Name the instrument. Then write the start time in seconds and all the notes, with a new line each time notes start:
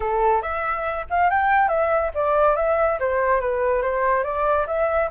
flute
0.00 A4
0.42 E5
1.10 F5
1.30 G5
1.68 E5
2.14 D5
2.56 E5
2.99 C5
3.40 B4
3.82 C5
4.23 D5
4.67 E5